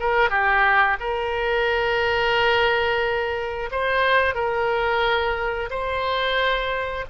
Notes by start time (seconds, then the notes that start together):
0.00 A#4
0.30 G4
1.00 A#4
3.71 C5
4.35 A#4
5.70 C5